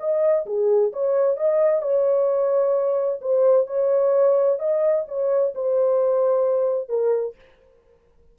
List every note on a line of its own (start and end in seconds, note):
0.00 0.46 D#5
0.46 0.92 G#4
0.93 1.37 C#5
1.37 1.82 D#5
1.82 3.21 C#5
3.22 3.67 C5
3.67 4.59 C#5
4.60 5.06 D#5
5.08 5.54 C#5
5.55 6.89 C5
6.89 7.35 A#4